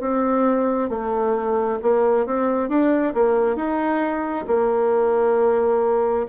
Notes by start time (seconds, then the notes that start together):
0.00 C4
0.90 A3
1.82 A#3
2.26 C4
2.69 D4
3.14 A#3
3.56 D#4
4.47 A#3